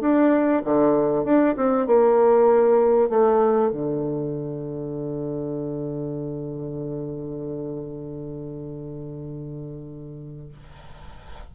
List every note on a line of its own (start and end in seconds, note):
0.00 0.62 D4
0.64 1.24 D3
1.24 1.55 D4
1.56 1.86 C4
1.86 3.09 A#3
3.09 3.71 A3
3.71 10.51 D3